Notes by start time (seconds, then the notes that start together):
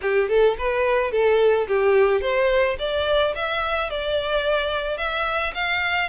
0.01 G4
0.29 A4
0.58 B4
1.11 A4
1.67 G4
2.21 C5
2.79 D5
3.35 E5
3.89 D5
4.97 E5
5.54 F5